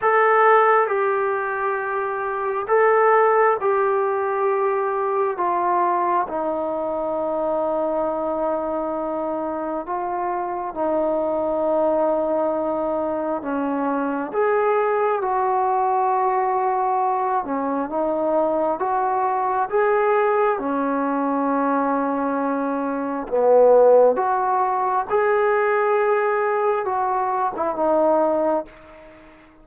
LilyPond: \new Staff \with { instrumentName = "trombone" } { \time 4/4 \tempo 4 = 67 a'4 g'2 a'4 | g'2 f'4 dis'4~ | dis'2. f'4 | dis'2. cis'4 |
gis'4 fis'2~ fis'8 cis'8 | dis'4 fis'4 gis'4 cis'4~ | cis'2 b4 fis'4 | gis'2 fis'8. e'16 dis'4 | }